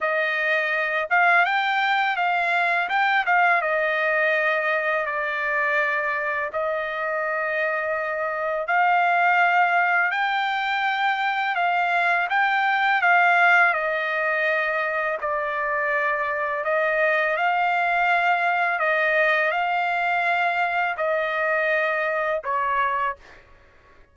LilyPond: \new Staff \with { instrumentName = "trumpet" } { \time 4/4 \tempo 4 = 83 dis''4. f''8 g''4 f''4 | g''8 f''8 dis''2 d''4~ | d''4 dis''2. | f''2 g''2 |
f''4 g''4 f''4 dis''4~ | dis''4 d''2 dis''4 | f''2 dis''4 f''4~ | f''4 dis''2 cis''4 | }